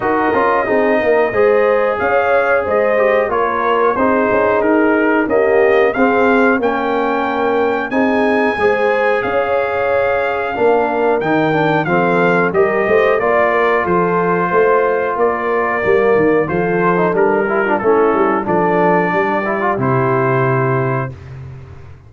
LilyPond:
<<
  \new Staff \with { instrumentName = "trumpet" } { \time 4/4 \tempo 4 = 91 dis''2. f''4 | dis''4 cis''4 c''4 ais'4 | dis''4 f''4 g''2 | gis''2 f''2~ |
f''4 g''4 f''4 dis''4 | d''4 c''2 d''4~ | d''4 c''4 ais'4 a'4 | d''2 c''2 | }
  \new Staff \with { instrumentName = "horn" } { \time 4/4 ais'4 gis'8 ais'8 c''4 cis''4 | c''4 ais'4 gis'2 | g'4 gis'4 ais'2 | gis'4 c''4 cis''2 |
ais'2 a'4 ais'8 c''8 | d''8 ais'8 a'4 c''4 ais'4~ | ais'4 a'4. g'16 f'16 e'4 | a'4 g'2. | }
  \new Staff \with { instrumentName = "trombone" } { \time 4/4 fis'8 f'8 dis'4 gis'2~ | gis'8 g'8 f'4 dis'2 | ais4 c'4 cis'2 | dis'4 gis'2. |
d'4 dis'8 d'8 c'4 g'4 | f'1 | ais4 f'8. dis'16 d'8 e'16 d'16 cis'4 | d'4. e'16 f'16 e'2 | }
  \new Staff \with { instrumentName = "tuba" } { \time 4/4 dis'8 cis'8 c'8 ais8 gis4 cis'4 | gis4 ais4 c'8 cis'8 dis'4 | cis'4 c'4 ais2 | c'4 gis4 cis'2 |
ais4 dis4 f4 g8 a8 | ais4 f4 a4 ais4 | g8 dis8 f4 g4 a8 g8 | f4 g4 c2 | }
>>